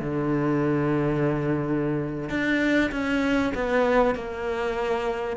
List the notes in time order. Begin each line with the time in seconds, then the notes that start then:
0.00 D3
2.29 D4
2.91 C#4
3.54 B3
4.15 A#3